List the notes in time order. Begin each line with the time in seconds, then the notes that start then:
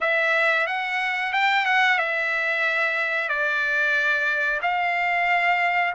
0.00 E5
0.66 F#5
1.32 G5
1.65 F#5
1.98 E5
3.28 D5
4.62 F5